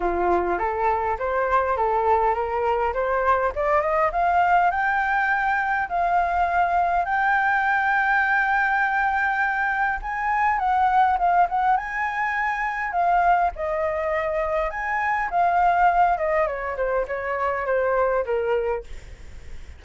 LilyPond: \new Staff \with { instrumentName = "flute" } { \time 4/4 \tempo 4 = 102 f'4 a'4 c''4 a'4 | ais'4 c''4 d''8 dis''8 f''4 | g''2 f''2 | g''1~ |
g''4 gis''4 fis''4 f''8 fis''8 | gis''2 f''4 dis''4~ | dis''4 gis''4 f''4. dis''8 | cis''8 c''8 cis''4 c''4 ais'4 | }